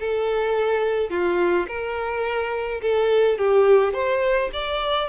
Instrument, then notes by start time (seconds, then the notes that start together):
violin
0.00 A4
1.11 F4
1.68 A#4
2.82 A4
3.39 G4
3.94 C5
4.54 D5